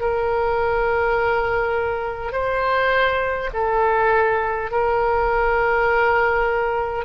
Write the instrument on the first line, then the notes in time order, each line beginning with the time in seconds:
oboe
0.00 A#4
2.32 C5
3.53 A4
4.71 A#4